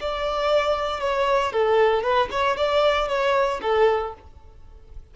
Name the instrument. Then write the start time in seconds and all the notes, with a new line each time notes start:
violin
0.00 D5
1.00 C#5
1.52 A4
2.02 B4
2.31 C#5
2.57 D5
3.08 C#5
3.61 A4